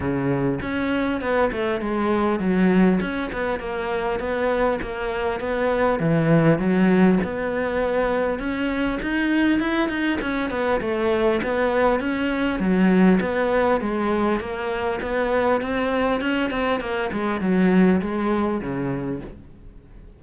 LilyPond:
\new Staff \with { instrumentName = "cello" } { \time 4/4 \tempo 4 = 100 cis4 cis'4 b8 a8 gis4 | fis4 cis'8 b8 ais4 b4 | ais4 b4 e4 fis4 | b2 cis'4 dis'4 |
e'8 dis'8 cis'8 b8 a4 b4 | cis'4 fis4 b4 gis4 | ais4 b4 c'4 cis'8 c'8 | ais8 gis8 fis4 gis4 cis4 | }